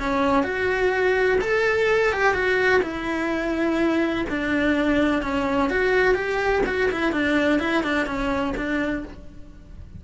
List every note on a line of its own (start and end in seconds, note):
0.00 0.44 C#4
0.44 1.39 F#4
1.42 2.13 A4
2.13 2.34 G4
2.34 2.82 F#4
2.83 4.26 E4
4.30 5.23 D4
5.23 5.70 C#4
5.70 6.15 F#4
6.15 6.63 G4
6.67 6.90 F#4
6.92 7.13 E4
7.13 7.60 D4
7.60 7.84 E4
7.84 8.06 D4
8.06 8.54 C#4
8.57 9.05 D4